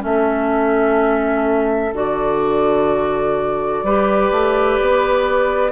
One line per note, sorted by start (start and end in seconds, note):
0.00 1.93 A3
0.00 1.90 C#4
0.00 3.85 A4
0.00 1.95 E5
1.93 3.83 D3
1.93 3.85 F#4
1.93 5.72 D5
3.83 4.31 G3
3.83 5.72 G4
3.83 5.72 B4
4.31 4.79 A3
4.81 5.72 B3